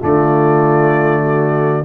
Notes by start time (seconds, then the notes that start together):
0.00 D3 A3 F4 D5
1.22 F#4